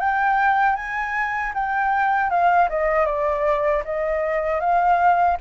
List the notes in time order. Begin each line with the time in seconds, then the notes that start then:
0.00 G5
0.76 G#5
1.54 G5
2.30 F5
2.69 D#5
3.06 D5
3.85 D#5
4.60 F5